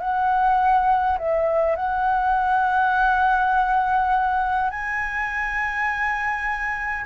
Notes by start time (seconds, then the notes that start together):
0.00 F#5
1.18 E5
1.75 F#5
4.70 G#5